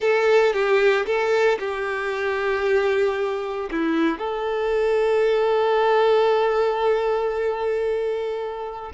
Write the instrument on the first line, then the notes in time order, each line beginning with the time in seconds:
violin
0.00 A4
0.53 G4
1.06 A4
1.59 G4
3.71 E4
4.18 A4